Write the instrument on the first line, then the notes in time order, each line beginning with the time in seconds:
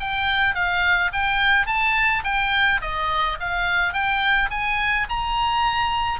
oboe
0.00 G5
0.55 F5
1.13 G5
1.66 A5
2.24 G5
2.81 D#5
3.40 F5
3.93 G5
4.51 G#5
5.09 A#5